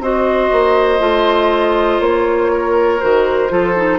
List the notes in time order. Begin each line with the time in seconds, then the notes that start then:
0.00 C4 F#4 C5 D#5
0.52 A#3
0.99 A3 F4
2.00 A#3 C#5
2.52 A#4
3.00 D#3 F#4 C5
3.49 F3 F4 A4
3.76 D#4